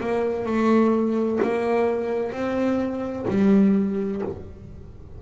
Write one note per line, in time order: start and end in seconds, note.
0.00 0.46 A#3
0.46 1.39 A3
1.42 2.32 A#3
2.32 3.26 C4
3.28 4.21 G3